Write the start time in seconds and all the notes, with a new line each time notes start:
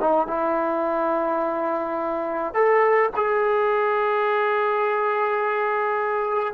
0.00 D#4
0.27 E4
2.54 A4
3.16 G#4